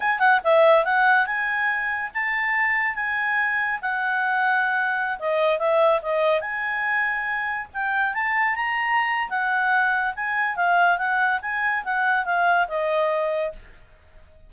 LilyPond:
\new Staff \with { instrumentName = "clarinet" } { \time 4/4 \tempo 4 = 142 gis''8 fis''8 e''4 fis''4 gis''4~ | gis''4 a''2 gis''4~ | gis''4 fis''2.~ | fis''16 dis''4 e''4 dis''4 gis''8.~ |
gis''2~ gis''16 g''4 a''8.~ | a''16 ais''4.~ ais''16 fis''2 | gis''4 f''4 fis''4 gis''4 | fis''4 f''4 dis''2 | }